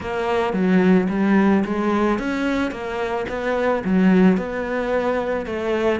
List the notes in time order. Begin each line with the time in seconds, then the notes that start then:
0.00 A#3
0.53 F#3
1.09 G3
1.64 G#3
2.18 C#4
2.71 A#3
3.28 B3
3.84 F#3
4.37 B3
5.45 A3